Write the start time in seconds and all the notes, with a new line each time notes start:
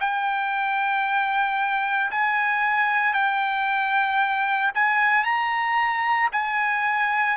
0.00 G5
2.11 G#5
3.13 G5
4.75 G#5
5.24 A#5
6.32 G#5